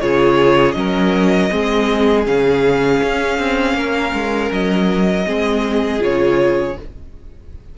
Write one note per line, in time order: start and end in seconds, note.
0.00 0.75 C#3
0.00 0.74 F4
0.00 0.77 G#4
0.00 0.72 C#5
0.72 1.50 F#3
0.72 1.49 C#4
0.72 1.51 A#4
0.72 2.22 D#5
1.50 2.26 G#3
1.50 2.25 C4
1.50 3.76 G#4
2.25 3.01 C#3
2.25 5.25 C#4
2.25 4.51 F5
3.03 3.38 C#4
3.38 3.74 C4
3.74 4.11 A#3
3.74 5.26 A#4
4.13 4.50 G#3
4.51 5.26 F#3
4.51 6.02 D#5
5.26 6.01 G#3
5.26 5.99 C4
5.26 6.76 G#4
5.99 6.76 C#3
5.99 6.74 F4
5.99 6.78 C#5